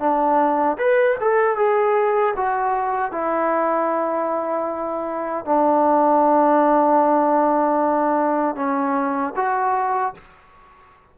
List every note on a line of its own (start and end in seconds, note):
0.00 0.78 D4
0.78 1.17 B4
1.21 1.57 A4
1.57 2.35 G#4
2.37 3.12 F#4
3.12 5.45 E4
5.45 8.56 D4
8.56 9.34 C#4
9.36 10.14 F#4